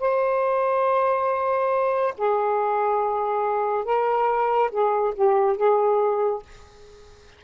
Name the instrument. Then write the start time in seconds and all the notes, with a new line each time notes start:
saxophone
0.00 C5
2.18 G#4
3.85 A#4
4.71 G#4
5.15 G4
5.57 G#4